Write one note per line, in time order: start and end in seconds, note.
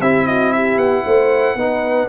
0.00 0.77 C4
0.00 1.58 E4
0.00 0.26 G4
0.00 0.27 E5
0.27 0.54 F#4
0.27 0.52 D#5
0.52 1.04 G4
0.52 0.78 E5
0.77 1.03 B3
0.77 2.08 F#5
1.04 1.55 A3
1.04 1.56 C5
1.55 2.07 B3
1.55 2.09 D#4
1.55 2.09 B4